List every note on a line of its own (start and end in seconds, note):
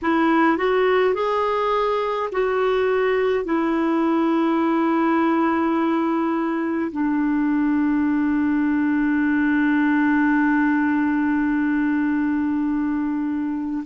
0.02 0.57 E4
0.57 1.14 F#4
1.14 2.30 G#4
2.31 3.45 F#4
3.45 6.91 E4
6.91 13.84 D4